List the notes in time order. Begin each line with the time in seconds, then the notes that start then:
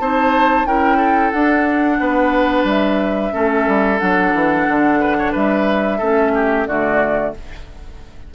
0.00 C4 D#4 C5 A5
0.66 C#4 E4 A#4 G5
0.97 A4
1.31 D4 F#5
2.00 B3 B4
2.64 G3 E5
3.32 A3 C#4 A4
3.67 G3
3.99 F#3 D4 F#5
4.34 E3
4.68 D3
5.00 B4
5.19 C#5
5.32 G3 B4 E5
5.98 A3 C#4 A4
6.35 G4
6.67 D3 A3 F#4 D5